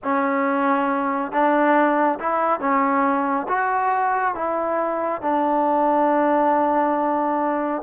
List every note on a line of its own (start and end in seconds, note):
0.03 1.32 C#4
1.32 2.19 D4
2.19 2.60 E4
2.60 3.47 C#4
3.48 4.34 F#4
4.34 5.21 E4
5.21 7.82 D4